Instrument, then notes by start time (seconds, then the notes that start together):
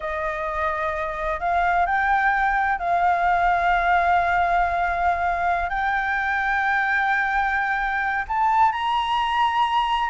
flute
0.00 D#5
1.40 F5
1.86 G5
2.78 F5
5.69 G5
8.27 A5
8.71 A#5